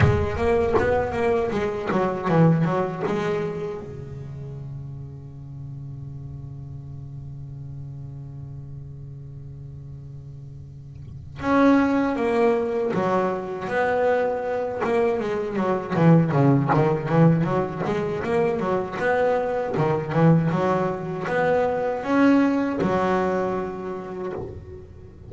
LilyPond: \new Staff \with { instrumentName = "double bass" } { \time 4/4 \tempo 4 = 79 gis8 ais8 b8 ais8 gis8 fis8 e8 fis8 | gis4 cis2.~ | cis1~ | cis2. cis'4 |
ais4 fis4 b4. ais8 | gis8 fis8 e8 cis8 dis8 e8 fis8 gis8 | ais8 fis8 b4 dis8 e8 fis4 | b4 cis'4 fis2 | }